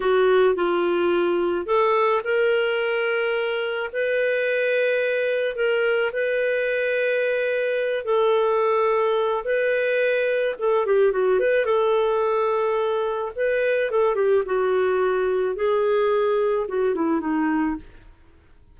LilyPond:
\new Staff \with { instrumentName = "clarinet" } { \time 4/4 \tempo 4 = 108 fis'4 f'2 a'4 | ais'2. b'4~ | b'2 ais'4 b'4~ | b'2~ b'8 a'4.~ |
a'4 b'2 a'8 g'8 | fis'8 b'8 a'2. | b'4 a'8 g'8 fis'2 | gis'2 fis'8 e'8 dis'4 | }